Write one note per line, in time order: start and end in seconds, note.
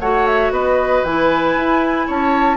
0.00 0.51 A3
0.00 1.07 F#4
0.00 0.53 C#5
0.00 0.26 F#5
0.26 0.52 E5
0.51 1.03 B3
0.51 2.07 B4
0.51 1.04 D#5
1.04 1.56 E3
1.04 2.57 E4
1.04 2.09 G#5
1.56 2.08 E4
2.07 2.57 C#4
2.07 2.57 C#5
2.07 2.57 A5